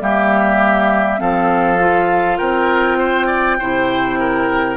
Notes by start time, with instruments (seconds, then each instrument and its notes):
0.00 bassoon G3, clarinet A#3, oboe G4, flute E5
1.18 bassoon F3, clarinet C4, oboe A4, flute F5
1.79 clarinet F4
2.37 bassoon C4, oboe A#4, flute G5
2.98 oboe C5
3.27 oboe D5
3.59 bassoon C3, clarinet E4, oboe C5
4.19 oboe A#4